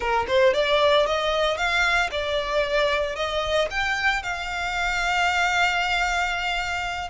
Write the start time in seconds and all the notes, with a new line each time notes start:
0.00 A#4
0.27 C5
0.53 D5
1.06 D#5
1.57 F5
2.11 D5
3.15 D#5
3.70 G5
4.22 F5